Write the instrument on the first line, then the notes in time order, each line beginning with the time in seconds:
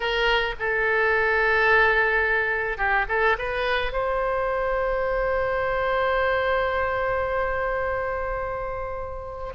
oboe
0.00 A#4
0.59 A4
2.77 G4
3.08 A4
3.38 B4
3.92 C5